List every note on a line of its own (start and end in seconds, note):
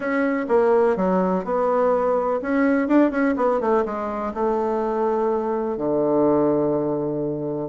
0.00 0.46 C#4
0.48 0.96 A#3
0.96 1.44 F#3
1.44 2.40 B3
2.41 2.88 C#4
2.88 3.10 D4
3.10 3.34 C#4
3.36 3.60 B3
3.60 3.84 A3
3.85 4.33 G#3
4.34 5.77 A3
5.77 7.69 D3